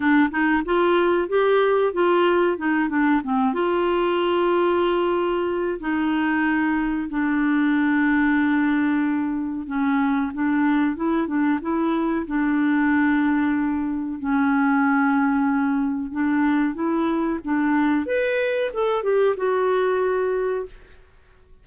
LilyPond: \new Staff \with { instrumentName = "clarinet" } { \time 4/4 \tempo 4 = 93 d'8 dis'8 f'4 g'4 f'4 | dis'8 d'8 c'8 f'2~ f'8~ | f'4 dis'2 d'4~ | d'2. cis'4 |
d'4 e'8 d'8 e'4 d'4~ | d'2 cis'2~ | cis'4 d'4 e'4 d'4 | b'4 a'8 g'8 fis'2 | }